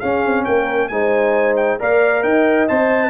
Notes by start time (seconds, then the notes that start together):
0.00 C#4 G#4 F5
0.25 C4
0.45 A#3 A#4 G5
0.88 G#3 D#4 C5 G#5
1.56 G5
1.79 A#3 A#4 D5 F5
2.23 D#4 D#5 G5
2.68 C4 C5 A5